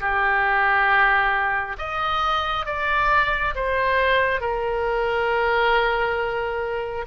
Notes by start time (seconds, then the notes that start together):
0.00 G4
1.78 D#5
2.66 D5
3.55 C5
4.41 A#4